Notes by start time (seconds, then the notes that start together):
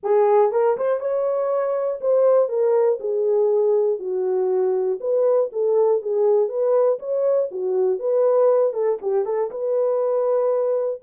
0.03 G#4
0.51 A#4
0.77 C5
1.00 C#5
2.00 C5
2.48 A#4
3.00 G#4
3.99 F#4
5.00 B4
5.52 A4
6.01 G#4
6.48 B4
6.99 C#5
7.51 F#4
7.99 B4
8.73 A4
9.01 G4
9.25 A4
9.50 B4